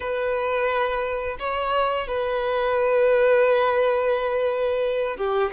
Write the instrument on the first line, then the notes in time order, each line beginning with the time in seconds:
violin
0.00 B4
1.39 C#5
2.07 B4
5.16 G4